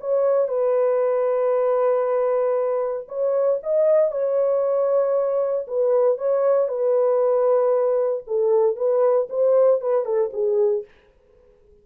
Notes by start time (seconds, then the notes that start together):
0.00 C#5
0.48 B4
3.08 C#5
3.63 D#5
4.11 C#5
5.67 B4
6.17 C#5
6.68 B4
8.27 A4
8.76 B4
9.29 C5
9.81 B4
10.05 A4
10.33 G#4